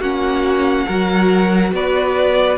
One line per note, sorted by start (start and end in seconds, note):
0.00 0.86 A#3
0.00 0.88 C#4
0.00 0.86 F#4
0.00 1.72 F#5
0.86 1.72 F#3
0.86 2.58 F#4
0.86 1.72 A#4
1.72 2.58 B3
1.72 2.58 B4
1.72 2.58 D5